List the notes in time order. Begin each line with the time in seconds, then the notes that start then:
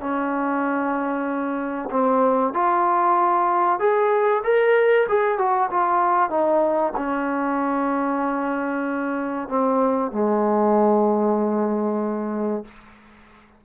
0.00 C#4
1.91 C4
2.54 F4
3.80 G#4
4.44 A#4
5.09 G#4
5.38 F#4
5.71 F4
6.30 D#4
6.96 C#4
9.49 C4
10.12 G#3